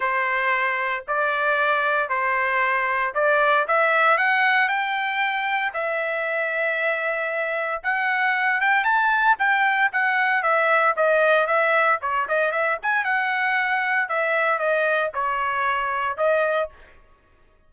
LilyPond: \new Staff \with { instrumentName = "trumpet" } { \time 4/4 \tempo 4 = 115 c''2 d''2 | c''2 d''4 e''4 | fis''4 g''2 e''4~ | e''2. fis''4~ |
fis''8 g''8 a''4 g''4 fis''4 | e''4 dis''4 e''4 cis''8 dis''8 | e''8 gis''8 fis''2 e''4 | dis''4 cis''2 dis''4 | }